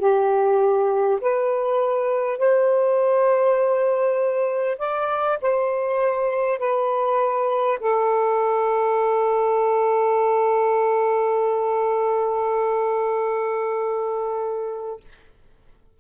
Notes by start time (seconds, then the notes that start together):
0.00 G4
1.21 B4
2.38 C5
4.78 D5
5.42 C5
6.59 B4
7.81 A4